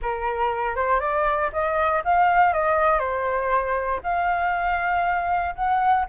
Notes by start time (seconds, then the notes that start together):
0.02 A#4
0.75 C5
1.00 D5
1.52 D#5
2.04 F5
2.53 D#5
2.99 C5
4.03 F5
5.55 F#5